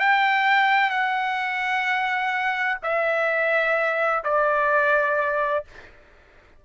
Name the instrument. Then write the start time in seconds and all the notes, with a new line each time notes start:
trumpet
0.00 G5
0.90 F#5
2.83 E5
4.25 D5